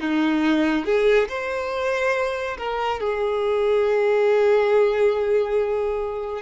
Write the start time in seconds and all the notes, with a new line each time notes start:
0.00 D#4
0.85 G#4
1.28 C5
2.57 A#4
3.00 G#4